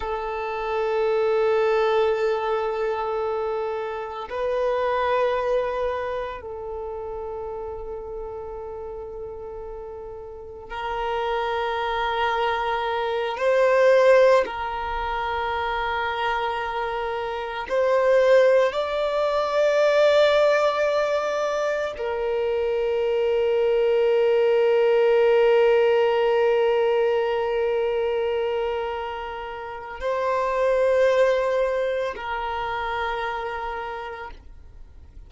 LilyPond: \new Staff \with { instrumentName = "violin" } { \time 4/4 \tempo 4 = 56 a'1 | b'2 a'2~ | a'2 ais'2~ | ais'8 c''4 ais'2~ ais'8~ |
ais'8 c''4 d''2~ d''8~ | d''8 ais'2.~ ais'8~ | ais'1 | c''2 ais'2 | }